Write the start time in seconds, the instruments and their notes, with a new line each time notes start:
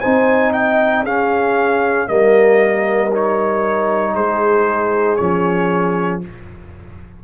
0.00 tuba C4, trombone D#4, horn C5, trumpet G#5
0.53 horn D#5, trumpet G5
1.04 tuba C#4, trombone C#4, horn G#4, trumpet F5
2.08 tuba G3, trombone A#3, horn A#4, trumpet D#5
3.12 trombone D#4, trumpet C#5
4.15 tuba G#3, horn G#4, trumpet C5
5.17 tuba F3, trombone C#4, trumpet C#5